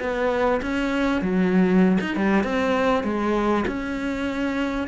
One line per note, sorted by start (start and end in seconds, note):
0.00 0.61 B3
0.62 1.22 C#4
1.22 1.98 F#3
2.01 2.16 D#4
2.16 2.44 G3
2.44 3.04 C4
3.04 3.65 G#3
3.68 4.88 C#4